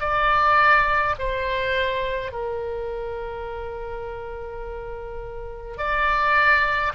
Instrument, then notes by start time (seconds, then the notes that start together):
oboe
0.00 D5
1.19 C5
2.32 A#4
5.77 D5